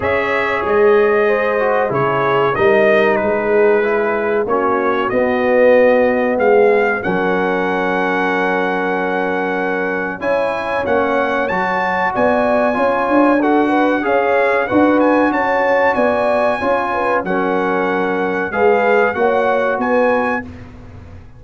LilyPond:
<<
  \new Staff \with { instrumentName = "trumpet" } { \time 4/4 \tempo 4 = 94 e''4 dis''2 cis''4 | dis''4 b'2 cis''4 | dis''2 f''4 fis''4~ | fis''1 |
gis''4 fis''4 a''4 gis''4~ | gis''4 fis''4 f''4 fis''8 gis''8 | a''4 gis''2 fis''4~ | fis''4 f''4 fis''4 gis''4 | }
  \new Staff \with { instrumentName = "horn" } { \time 4/4 cis''2 c''4 gis'4 | ais'4 gis'2 fis'4~ | fis'2 gis'4 ais'4~ | ais'1 |
cis''2. d''4 | cis''4 a'8 b'8 cis''4 b'4 | cis''4 d''4 cis''8 b'8 ais'4~ | ais'4 b'4 cis''4 b'4 | }
  \new Staff \with { instrumentName = "trombone" } { \time 4/4 gis'2~ gis'8 fis'8 e'4 | dis'2 e'4 cis'4 | b2. cis'4~ | cis'1 |
e'4 cis'4 fis'2 | f'4 fis'4 gis'4 fis'4~ | fis'2 f'4 cis'4~ | cis'4 gis'4 fis'2 | }
  \new Staff \with { instrumentName = "tuba" } { \time 4/4 cis'4 gis2 cis4 | g4 gis2 ais4 | b2 gis4 fis4~ | fis1 |
cis'4 ais4 fis4 b4 | cis'8 d'4. cis'4 d'4 | cis'4 b4 cis'4 fis4~ | fis4 gis4 ais4 b4 | }
>>